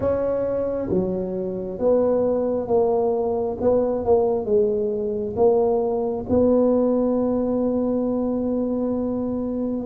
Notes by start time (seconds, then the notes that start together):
0.00 C#4
0.90 F#3
1.78 B3
2.67 A#3
3.61 B3
4.05 A#3
4.45 G#3
5.36 A#3
6.29 B3